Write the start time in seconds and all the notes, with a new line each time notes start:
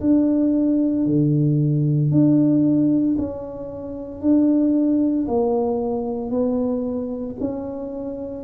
0.00 D4
1.06 D3
2.11 D4
3.18 C#4
4.21 D4
5.27 A#3
6.30 B3
7.40 C#4